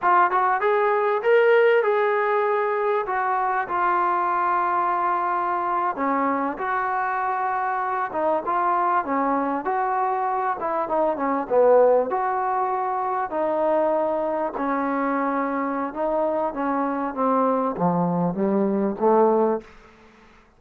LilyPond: \new Staff \with { instrumentName = "trombone" } { \time 4/4 \tempo 4 = 98 f'8 fis'8 gis'4 ais'4 gis'4~ | gis'4 fis'4 f'2~ | f'4.~ f'16 cis'4 fis'4~ fis'16~ | fis'4~ fis'16 dis'8 f'4 cis'4 fis'16~ |
fis'4~ fis'16 e'8 dis'8 cis'8 b4 fis'16~ | fis'4.~ fis'16 dis'2 cis'16~ | cis'2 dis'4 cis'4 | c'4 f4 g4 a4 | }